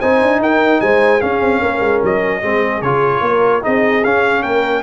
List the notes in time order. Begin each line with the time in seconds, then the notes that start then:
0.00 C4 D#4 C5 G#5
0.22 D4
0.39 D#4 A#4 G5
0.81 G#3 C5 G#5
1.21 C#4 G#4 F5
1.41 C4
1.60 A#3 A#4
1.80 G#3
2.03 F#3 D#5
2.42 G#3 C4 G#4
2.82 C#3 F4 C#5
3.21 A#3 A#4
3.62 C4 D#4 G#4 D#5
4.04 C#4 F5
4.42 A#3 A#4 G5